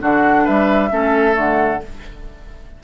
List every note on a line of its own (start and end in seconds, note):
0.00 0.47 D3
0.00 0.90 D4
0.00 0.44 F#4
0.00 0.47 F#5
0.44 0.91 G3
0.44 0.89 B4
0.44 1.37 E5
0.91 1.36 A3
0.91 1.33 C#4
0.91 1.83 A4
1.33 1.81 D3
1.33 1.78 A3
1.33 1.83 F#5